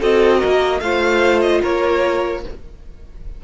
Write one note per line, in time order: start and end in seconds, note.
0.00 0.42 C4
0.00 0.80 F#4
0.00 0.39 A4
0.00 0.80 D#5
0.39 0.80 A#3
0.39 0.79 A#4
0.80 1.60 A3
0.80 2.44 F4
0.80 1.61 C5
0.80 1.40 F5
1.41 1.61 D#5
1.61 2.44 A#3
1.61 2.41 A#4
1.61 2.43 C#5